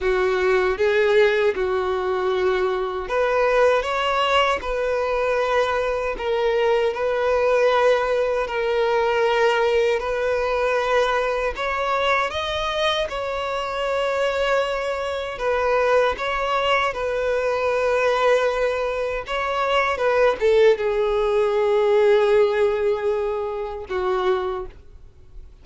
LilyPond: \new Staff \with { instrumentName = "violin" } { \time 4/4 \tempo 4 = 78 fis'4 gis'4 fis'2 | b'4 cis''4 b'2 | ais'4 b'2 ais'4~ | ais'4 b'2 cis''4 |
dis''4 cis''2. | b'4 cis''4 b'2~ | b'4 cis''4 b'8 a'8 gis'4~ | gis'2. fis'4 | }